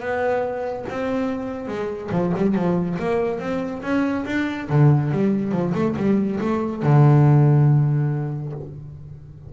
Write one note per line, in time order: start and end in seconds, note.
0.00 0.85 B3
0.89 1.67 C4
1.67 2.10 G#3
2.11 2.32 F3
2.36 2.54 G3
2.54 2.97 F3
2.99 3.39 A#3
3.39 3.81 C4
3.82 4.24 C#4
4.26 4.68 D4
4.69 5.11 D3
5.11 5.51 G3
5.51 5.73 F3
5.74 5.95 A3
5.96 6.39 G3
6.40 6.82 A3
6.82 8.52 D3